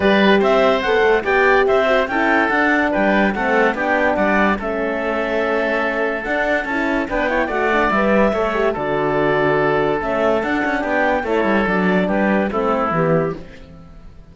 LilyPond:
<<
  \new Staff \with { instrumentName = "clarinet" } { \time 4/4 \tempo 4 = 144 d''4 e''4 fis''4 g''4 | e''4 g''4 fis''4 g''4 | fis''4 g''4 fis''4 e''4~ | e''2. fis''4 |
a''4 g''4 fis''4 e''4~ | e''4 d''2. | e''4 fis''4 g''4 cis''4 | d''4 b'4 a'4 g'4 | }
  \new Staff \with { instrumentName = "oboe" } { \time 4/4 b'4 c''2 d''4 | c''4 a'2 b'4 | a'4 g'4 d''4 a'4~ | a'1~ |
a'4 b'8 cis''8 d''2 | cis''4 a'2.~ | a'2 g'4 a'4~ | a'4 g'4 e'2 | }
  \new Staff \with { instrumentName = "horn" } { \time 4/4 g'2 a'4 g'4~ | g'8 fis'8 e'4 d'2 | c'4 d'2 cis'4~ | cis'2. d'4 |
e'4 d'8 e'8 fis'8 d'8 b'4 | a'8 g'8 fis'2. | cis'4 d'2 e'4 | d'2 c'4 b4 | }
  \new Staff \with { instrumentName = "cello" } { \time 4/4 g4 c'4 b8 a8 b4 | c'4 cis'4 d'4 g4 | a4 b4 g4 a4~ | a2. d'4 |
cis'4 b4 a4 g4 | a4 d2. | a4 d'8 cis'8 b4 a8 g8 | fis4 g4 a4 e4 | }
>>